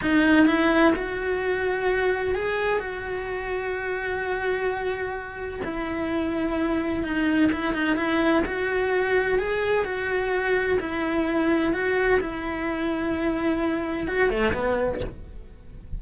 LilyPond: \new Staff \with { instrumentName = "cello" } { \time 4/4 \tempo 4 = 128 dis'4 e'4 fis'2~ | fis'4 gis'4 fis'2~ | fis'1 | e'2. dis'4 |
e'8 dis'8 e'4 fis'2 | gis'4 fis'2 e'4~ | e'4 fis'4 e'2~ | e'2 fis'8 a8 b4 | }